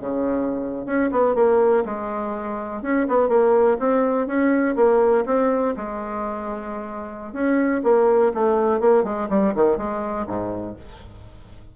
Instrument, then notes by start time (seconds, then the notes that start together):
bassoon
0.00 C#3
0.85 C#4
1.11 B3
1.35 A#3
1.84 G#3
2.82 C#4
3.08 B3
3.28 A#3
3.79 C4
4.27 C#4
4.76 A#3
5.26 C4
5.76 G#3
7.33 C#4
7.83 A#3
8.34 A3
8.80 A#3
9.04 G#3
9.29 G3
9.55 D#3
9.77 G#3
10.27 G#2